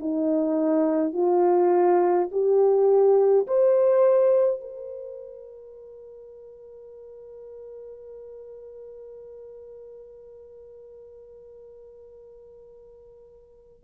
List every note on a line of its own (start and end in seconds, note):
0.00 1.13 D#4
1.13 2.29 F4
2.32 3.47 G4
3.48 4.61 C5
4.61 13.84 A#4